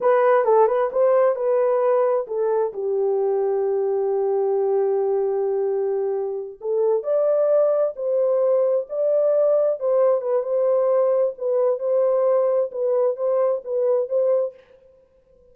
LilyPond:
\new Staff \with { instrumentName = "horn" } { \time 4/4 \tempo 4 = 132 b'4 a'8 b'8 c''4 b'4~ | b'4 a'4 g'2~ | g'1~ | g'2~ g'8 a'4 d''8~ |
d''4. c''2 d''8~ | d''4. c''4 b'8 c''4~ | c''4 b'4 c''2 | b'4 c''4 b'4 c''4 | }